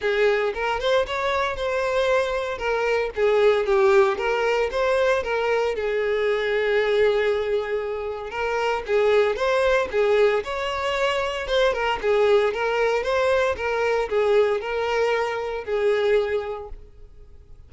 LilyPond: \new Staff \with { instrumentName = "violin" } { \time 4/4 \tempo 4 = 115 gis'4 ais'8 c''8 cis''4 c''4~ | c''4 ais'4 gis'4 g'4 | ais'4 c''4 ais'4 gis'4~ | gis'1 |
ais'4 gis'4 c''4 gis'4 | cis''2 c''8 ais'8 gis'4 | ais'4 c''4 ais'4 gis'4 | ais'2 gis'2 | }